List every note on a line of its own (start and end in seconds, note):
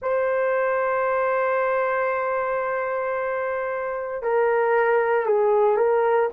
0.01 4.22 C5
4.22 5.26 A#4
5.26 5.77 G#4
5.77 6.29 A#4